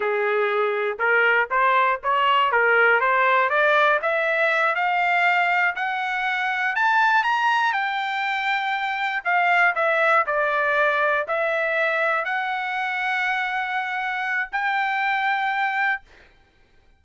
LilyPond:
\new Staff \with { instrumentName = "trumpet" } { \time 4/4 \tempo 4 = 120 gis'2 ais'4 c''4 | cis''4 ais'4 c''4 d''4 | e''4. f''2 fis''8~ | fis''4. a''4 ais''4 g''8~ |
g''2~ g''8 f''4 e''8~ | e''8 d''2 e''4.~ | e''8 fis''2.~ fis''8~ | fis''4 g''2. | }